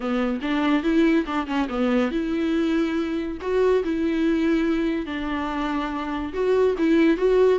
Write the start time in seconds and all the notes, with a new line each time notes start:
0.00 B3
0.41 D4
0.83 E4
1.26 D4
1.47 C#4
1.68 B3
2.11 E4
3.41 F#4
3.84 E4
5.06 D4
6.33 F#4
6.78 E4
7.17 F#4